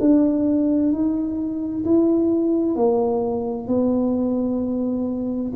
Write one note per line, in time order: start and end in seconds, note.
0.00 0.92 D4
0.92 1.85 D#4
1.85 2.76 E4
2.76 3.68 A#3
3.68 5.53 B3